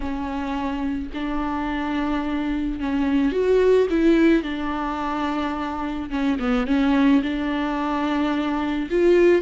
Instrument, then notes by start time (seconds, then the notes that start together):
viola
0.00 C#4
1.13 D4
2.80 C#4
3.32 F#4
3.90 E4
4.42 D4
6.10 C#4
6.39 B3
6.66 C#4
7.22 D4
8.90 F4